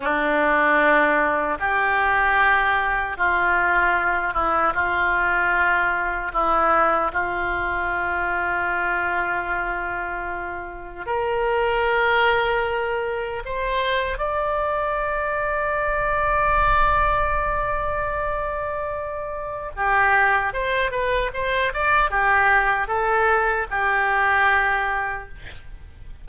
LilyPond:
\new Staff \with { instrumentName = "oboe" } { \time 4/4 \tempo 4 = 76 d'2 g'2 | f'4. e'8 f'2 | e'4 f'2.~ | f'2 ais'2~ |
ais'4 c''4 d''2~ | d''1~ | d''4 g'4 c''8 b'8 c''8 d''8 | g'4 a'4 g'2 | }